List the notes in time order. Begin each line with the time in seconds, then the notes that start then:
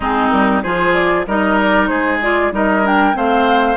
0.00 G#3 C4 D#4 G#4
0.29 G3 A#4
0.62 F3 F4 G#4 C5
0.93 D5
1.26 G3 D#4 A#4 D#5
1.61 D5
1.87 G#3 G#4 C5
2.22 F4 D5
2.51 G3 D#4 A#4 D#5
2.83 D4 G5
3.13 A3 C4 C5 F5